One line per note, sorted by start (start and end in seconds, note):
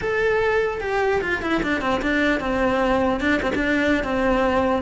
0.01 0.80 A4
0.80 1.21 G4
1.21 1.41 F4
1.42 1.62 E4
1.62 1.81 D4
1.81 2.01 C4
2.01 2.40 D4
2.40 3.20 C4
3.20 3.40 D4
3.42 3.52 C4
3.54 4.03 D4
4.03 4.82 C4